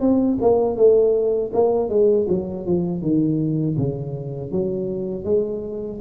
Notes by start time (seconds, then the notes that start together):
0.00 C4
0.41 A#3
0.76 A3
1.53 A#3
1.89 G#3
2.28 F#3
2.66 F3
3.01 D#3
3.77 C#3
4.51 F#3
5.24 G#3